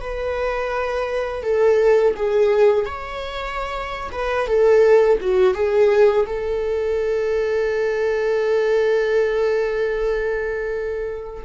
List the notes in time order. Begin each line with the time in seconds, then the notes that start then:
0.00 B4
1.43 A4
2.16 G#4
2.85 C#5
4.12 B4
4.47 A4
5.20 F#4
5.54 G#4
6.26 A4